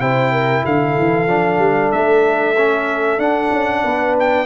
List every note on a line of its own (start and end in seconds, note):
0.00 0.64 C3
0.00 1.28 E4
0.00 0.32 C5
0.00 0.64 G5
0.32 0.64 A#4
0.65 0.97 D3
0.65 3.84 A4
0.65 1.92 F5
0.99 1.28 E3
1.28 1.59 F3
1.28 2.56 D4
1.59 1.91 G3
1.92 3.19 A3
1.92 3.20 E5
2.57 3.20 C#4
3.19 3.51 D4
3.19 4.46 D4
3.19 4.15 F#5
3.51 3.83 C#4
3.84 4.46 B3
3.84 4.46 B4
4.20 4.46 G5